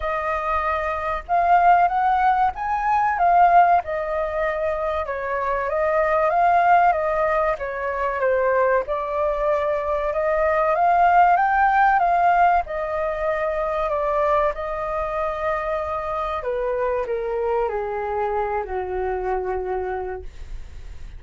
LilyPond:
\new Staff \with { instrumentName = "flute" } { \time 4/4 \tempo 4 = 95 dis''2 f''4 fis''4 | gis''4 f''4 dis''2 | cis''4 dis''4 f''4 dis''4 | cis''4 c''4 d''2 |
dis''4 f''4 g''4 f''4 | dis''2 d''4 dis''4~ | dis''2 b'4 ais'4 | gis'4. fis'2~ fis'8 | }